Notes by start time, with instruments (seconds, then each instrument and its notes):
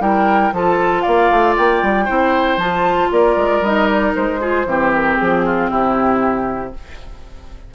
0.00 bassoon G3, clarinet E4, oboe A#4, flute G5
0.52 bassoon F3, clarinet F4, oboe A4, flute A5
1.02 bassoon A#3, oboe D5, flute F5
1.30 bassoon A3
1.57 bassoon A#3, flute G5
1.82 bassoon G3
2.05 bassoon C4, clarinet E4, oboe C5
2.57 bassoon F3, clarinet F4, flute A5
3.11 bassoon A#3, oboe A#4, flute D5
3.37 bassoon G#3
3.61 bassoon G3, clarinet D#4, flute D#5
3.87 flute D5
4.15 bassoon G#3, flute C5
4.40 clarinet F4, oboe G#4
4.65 bassoon E3, clarinet C4, oboe G4
4.94 flute A#4
5.16 bassoon F3, flute G#4
5.45 oboe F4
5.70 bassoon C3, oboe E4, flute G4